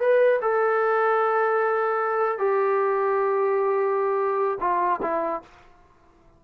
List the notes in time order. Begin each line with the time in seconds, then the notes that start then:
0.00 B4
0.41 A4
2.38 G4
4.60 F4
5.02 E4